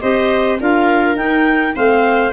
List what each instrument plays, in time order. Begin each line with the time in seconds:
0.00 tuba C4, clarinet G4 D#5, viola C5
0.59 tuba D4, clarinet F4 F5, viola A#4
1.15 tuba D#4, clarinet D#4 G5
1.73 tuba A3, clarinet C4 F5, viola C5